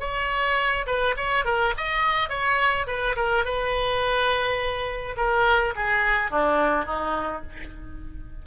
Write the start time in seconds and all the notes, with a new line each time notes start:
0.00 C#5
0.86 B4
1.17 C#5
1.45 A#4
1.77 D#5
2.29 C#5
2.87 B4
3.16 A#4
3.45 B4
5.17 A#4
5.75 G#4
6.31 D4
6.85 D#4